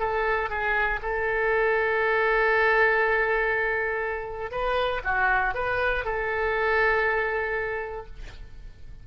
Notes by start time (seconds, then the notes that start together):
0.00 A4
0.50 G#4
1.03 A4
4.51 B4
5.04 F#4
5.55 B4
6.05 A4